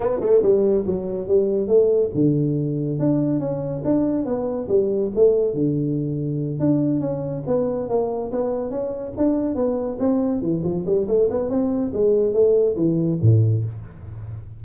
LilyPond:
\new Staff \with { instrumentName = "tuba" } { \time 4/4 \tempo 4 = 141 b8 a8 g4 fis4 g4 | a4 d2 d'4 | cis'4 d'4 b4 g4 | a4 d2~ d8 d'8~ |
d'8 cis'4 b4 ais4 b8~ | b8 cis'4 d'4 b4 c'8~ | c'8 e8 f8 g8 a8 b8 c'4 | gis4 a4 e4 a,4 | }